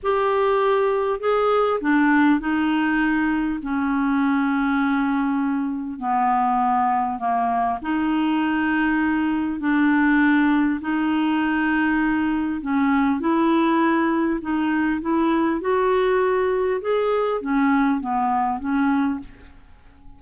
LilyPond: \new Staff \with { instrumentName = "clarinet" } { \time 4/4 \tempo 4 = 100 g'2 gis'4 d'4 | dis'2 cis'2~ | cis'2 b2 | ais4 dis'2. |
d'2 dis'2~ | dis'4 cis'4 e'2 | dis'4 e'4 fis'2 | gis'4 cis'4 b4 cis'4 | }